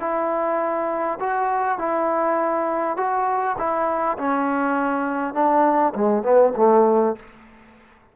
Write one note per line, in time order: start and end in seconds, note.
0.00 1.19 E4
1.20 1.78 F#4
1.78 2.97 E4
2.97 3.56 F#4
3.58 4.17 E4
4.18 5.34 C#4
5.34 5.94 D4
5.95 6.23 G#3
6.23 6.53 B3
6.57 7.16 A3